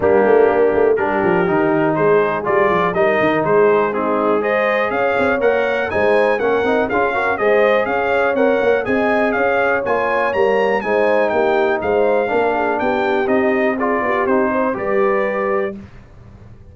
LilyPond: <<
  \new Staff \with { instrumentName = "trumpet" } { \time 4/4 \tempo 4 = 122 g'2 ais'2 | c''4 d''4 dis''4 c''4 | gis'4 dis''4 f''4 fis''4 | gis''4 fis''4 f''4 dis''4 |
f''4 fis''4 gis''4 f''4 | gis''4 ais''4 gis''4 g''4 | f''2 g''4 dis''4 | d''4 c''4 d''2 | }
  \new Staff \with { instrumentName = "horn" } { \time 4/4 d'2 g'2 | gis'2 ais'4 gis'4 | dis'4 c''4 cis''2 | c''4 ais'4 gis'8 ais'8 c''4 |
cis''2 dis''4 cis''4~ | cis''2 c''4 g'4 | c''4 ais'8 gis'8 g'2 | gis'8 g'4 c''8 b'2 | }
  \new Staff \with { instrumentName = "trombone" } { \time 4/4 ais2 d'4 dis'4~ | dis'4 f'4 dis'2 | c'4 gis'2 ais'4 | dis'4 cis'8 dis'8 f'8 fis'8 gis'4~ |
gis'4 ais'4 gis'2 | f'4 ais4 dis'2~ | dis'4 d'2 dis'4 | f'4 dis'4 g'2 | }
  \new Staff \with { instrumentName = "tuba" } { \time 4/4 g8 a8 ais8 a8 g8 f8 dis4 | gis4 g8 f8 g8 dis8 gis4~ | gis2 cis'8 c'8 ais4 | gis4 ais8 c'8 cis'4 gis4 |
cis'4 c'8 ais8 c'4 cis'4 | ais4 g4 gis4 ais4 | gis4 ais4 b4 c'4~ | c'8 b8 c'4 g2 | }
>>